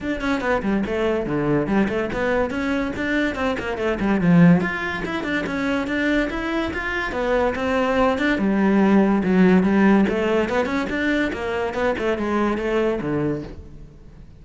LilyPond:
\new Staff \with { instrumentName = "cello" } { \time 4/4 \tempo 4 = 143 d'8 cis'8 b8 g8 a4 d4 | g8 a8 b4 cis'4 d'4 | c'8 ais8 a8 g8 f4 f'4 | e'8 d'8 cis'4 d'4 e'4 |
f'4 b4 c'4. d'8 | g2 fis4 g4 | a4 b8 cis'8 d'4 ais4 | b8 a8 gis4 a4 d4 | }